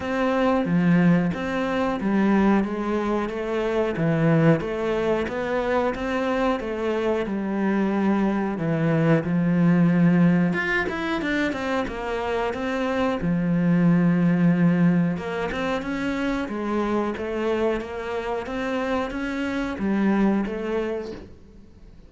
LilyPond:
\new Staff \with { instrumentName = "cello" } { \time 4/4 \tempo 4 = 91 c'4 f4 c'4 g4 | gis4 a4 e4 a4 | b4 c'4 a4 g4~ | g4 e4 f2 |
f'8 e'8 d'8 c'8 ais4 c'4 | f2. ais8 c'8 | cis'4 gis4 a4 ais4 | c'4 cis'4 g4 a4 | }